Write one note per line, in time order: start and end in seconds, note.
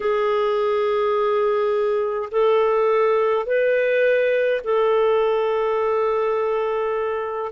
0.00 2.29 G#4
2.31 3.46 A4
3.46 4.61 B4
4.64 7.52 A4